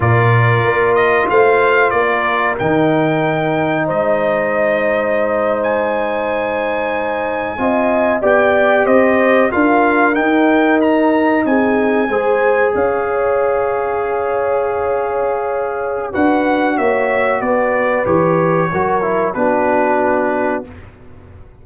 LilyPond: <<
  \new Staff \with { instrumentName = "trumpet" } { \time 4/4 \tempo 4 = 93 d''4. dis''8 f''4 d''4 | g''2 dis''2~ | dis''8. gis''2.~ gis''16~ | gis''8. g''4 dis''4 f''4 g''16~ |
g''8. ais''4 gis''2 f''16~ | f''1~ | f''4 fis''4 e''4 d''4 | cis''2 b'2 | }
  \new Staff \with { instrumentName = "horn" } { \time 4/4 ais'2 c''4 ais'4~ | ais'2 c''2~ | c''2.~ c''8. dis''16~ | dis''8. d''4 c''4 ais'4~ ais'16~ |
ais'4.~ ais'16 gis'4 c''4 cis''16~ | cis''1~ | cis''4 b'4 cis''4 b'4~ | b'4 ais'4 fis'2 | }
  \new Staff \with { instrumentName = "trombone" } { \time 4/4 f'1 | dis'1~ | dis'2.~ dis'8. f'16~ | f'8. g'2 f'4 dis'16~ |
dis'2~ dis'8. gis'4~ gis'16~ | gis'1~ | gis'4 fis'2. | g'4 fis'8 e'8 d'2 | }
  \new Staff \with { instrumentName = "tuba" } { \time 4/4 ais,4 ais4 a4 ais4 | dis2 gis2~ | gis2.~ gis8. c'16~ | c'8. b4 c'4 d'4 dis'16~ |
dis'4.~ dis'16 c'4 gis4 cis'16~ | cis'1~ | cis'4 d'4 ais4 b4 | e4 fis4 b2 | }
>>